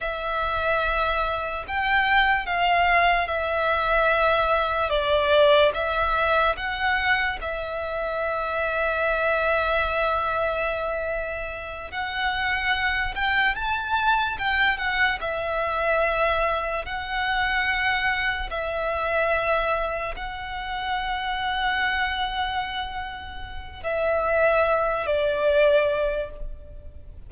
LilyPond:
\new Staff \with { instrumentName = "violin" } { \time 4/4 \tempo 4 = 73 e''2 g''4 f''4 | e''2 d''4 e''4 | fis''4 e''2.~ | e''2~ e''8 fis''4. |
g''8 a''4 g''8 fis''8 e''4.~ | e''8 fis''2 e''4.~ | e''8 fis''2.~ fis''8~ | fis''4 e''4. d''4. | }